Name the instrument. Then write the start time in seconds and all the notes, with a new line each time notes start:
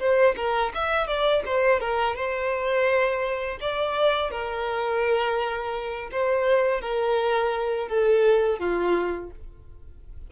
violin
0.00 C5
0.37 A#4
0.75 E5
1.07 D5
1.46 C5
1.81 A#4
2.16 C5
3.61 D5
4.31 A#4
6.12 C5
6.81 A#4
7.89 A4
8.59 F4